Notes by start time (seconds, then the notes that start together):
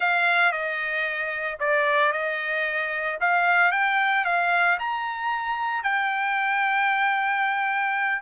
0.00 F5
0.52 D#5
1.59 D5
2.12 D#5
3.20 F5
3.71 G5
4.25 F5
4.79 A#5
5.83 G5